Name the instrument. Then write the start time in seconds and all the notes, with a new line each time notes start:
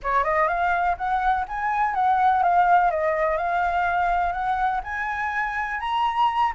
flute
0.02 C#5
0.24 D#5
0.48 F5
0.97 F#5
1.48 G#5
1.94 F#5
2.42 F5
2.91 D#5
3.37 F5
4.32 F#5
4.83 G#5
5.80 A#5